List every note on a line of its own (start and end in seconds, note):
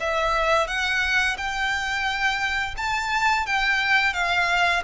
0.00 0.67 E5
0.67 1.36 F#5
1.37 2.75 G5
2.77 3.46 A5
3.46 4.13 G5
4.13 4.82 F5